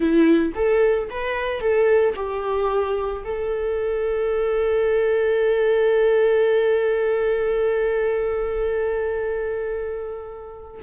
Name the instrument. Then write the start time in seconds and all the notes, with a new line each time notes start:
viola
0.00 E4
0.54 A4
1.10 B4
1.60 A4
2.15 G4
3.24 A4